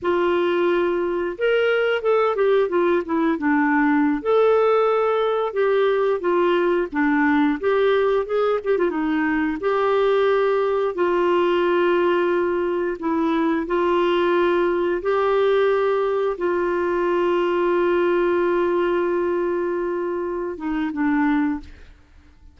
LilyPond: \new Staff \with { instrumentName = "clarinet" } { \time 4/4 \tempo 4 = 89 f'2 ais'4 a'8 g'8 | f'8 e'8 d'4~ d'16 a'4.~ a'16~ | a'16 g'4 f'4 d'4 g'8.~ | g'16 gis'8 g'16 f'16 dis'4 g'4.~ g'16~ |
g'16 f'2. e'8.~ | e'16 f'2 g'4.~ g'16~ | g'16 f'2.~ f'8.~ | f'2~ f'8 dis'8 d'4 | }